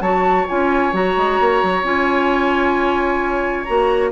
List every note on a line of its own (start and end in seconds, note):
0.00 0.45 F#3
0.00 0.48 F#4
0.00 4.11 C#5
0.00 0.46 A5
0.48 0.93 C#4
0.48 0.92 F4
0.48 0.94 G#5
0.92 1.15 F#3
0.92 1.83 F#4
0.92 1.83 A#5
1.17 1.39 G#3
1.40 1.62 A#3
1.62 1.83 F#3
1.83 3.65 C#4
1.83 3.65 F4
1.83 3.64 G#5
3.64 4.11 A#3
3.64 4.11 F#4
3.64 4.10 A#5